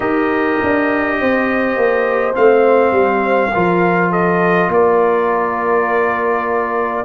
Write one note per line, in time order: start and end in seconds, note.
0.00 0.58 D#4
0.00 2.33 G4
0.00 1.17 A#4
0.00 2.34 D#5
0.63 1.21 D4
1.21 1.76 C4
1.21 3.53 C5
1.76 2.35 A#3
2.33 2.91 A3
2.33 3.51 C4
2.33 4.12 F5
2.91 3.50 G3
3.53 4.68 F3
3.53 7.05 F4
3.53 4.10 A#4
4.10 4.69 A4
4.10 4.70 D#5
4.68 7.03 A#3
4.68 7.05 A#4
4.68 7.05 D5